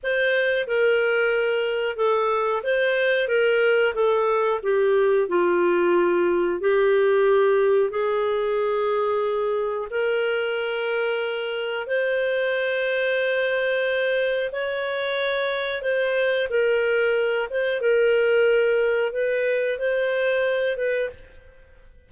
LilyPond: \new Staff \with { instrumentName = "clarinet" } { \time 4/4 \tempo 4 = 91 c''4 ais'2 a'4 | c''4 ais'4 a'4 g'4 | f'2 g'2 | gis'2. ais'4~ |
ais'2 c''2~ | c''2 cis''2 | c''4 ais'4. c''8 ais'4~ | ais'4 b'4 c''4. b'8 | }